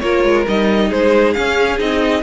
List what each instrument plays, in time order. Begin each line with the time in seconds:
0.00 cello A#3, viola F4, violin A#4 C#5
0.24 cello G#3
0.48 cello G3, viola D#4, violin D#5
0.89 cello G#3, violin G#4 C5
1.33 viola C#4, cello C#4, violin F5
1.78 cello C4, viola D#4, violin D#5